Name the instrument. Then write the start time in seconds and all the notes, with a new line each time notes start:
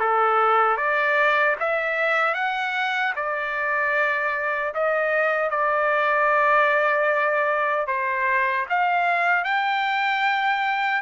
trumpet
0.00 A4
0.78 D5
1.60 E5
2.35 F#5
3.16 D5
4.74 D#5
5.50 D5
7.88 C5
8.70 F5
9.44 G5